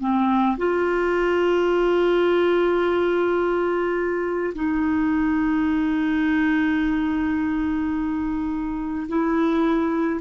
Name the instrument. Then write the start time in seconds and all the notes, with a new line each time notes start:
clarinet
0.00 C4
0.57 F4
4.54 D#4
9.08 E4